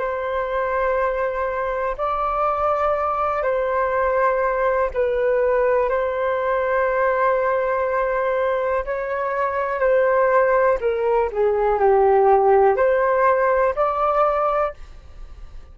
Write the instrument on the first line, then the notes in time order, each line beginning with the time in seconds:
flute
0.00 C5
1.98 D5
3.43 C5
4.94 B4
5.90 C5
8.85 C#5
9.80 C5
10.81 A#4
11.33 G#4
11.79 G4
12.77 C5
13.76 D5